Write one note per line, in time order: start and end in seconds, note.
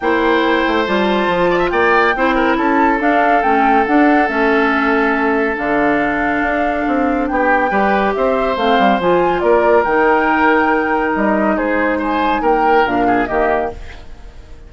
0.00 0.65 A#3
0.00 0.86 E4
0.00 1.50 C5
0.00 0.85 G5
0.67 0.87 A3
0.86 1.28 G3
0.86 2.14 F4
0.86 1.69 A5
1.28 1.71 F3
1.50 1.58 D5
1.58 1.69 E5
1.69 2.14 A#3
1.69 2.14 D5
1.69 2.55 G5
2.15 2.57 C4
2.15 2.99 E4
2.15 2.35 C5
2.35 2.56 A#4
2.57 3.00 C#4
2.57 7.28 A4
2.57 3.00 A5
2.99 3.42 D4
2.99 3.42 F5
3.42 3.86 A3
3.42 3.86 C#4
3.42 3.85 G5
3.86 4.27 D4
3.86 4.28 D4
3.86 4.28 F#5
4.27 5.57 A3
4.27 5.55 C#4
4.27 5.56 E5
5.55 6.42 D3
5.55 7.69 D4
5.55 7.27 F5
6.42 6.85 D4
6.87 7.30 C4
7.27 7.70 B3
7.27 7.70 G4
7.27 8.13 G5
7.70 8.13 G3
7.70 8.56 G4
7.70 8.13 B4
8.13 8.56 C4
8.13 9.42 C5
8.13 8.56 E5
8.56 8.77 A3
8.56 9.01 C4
8.56 8.99 F5
8.78 8.99 G3
8.99 9.42 F3
8.99 9.85 F4
8.99 9.40 G#5
9.40 9.85 A#3
9.40 11.56 A#4
9.40 9.83 D5
9.83 11.13 D#3
9.83 12.85 D#4
9.83 11.12 G5
11.15 11.57 G3
11.15 11.57 D#5
11.56 12.41 G#3
11.56 11.98 G#4
11.56 12.00 C5
11.98 12.41 C5
11.98 12.44 G#5
12.41 12.84 A#3
12.41 13.06 A#4
12.41 12.87 G5
12.85 13.29 A#2
12.85 13.28 D4
12.85 13.26 F5
13.07 13.28 G#4
13.26 13.73 D#3
13.26 13.71 A#3
13.26 13.71 G4
13.26 13.68 D#5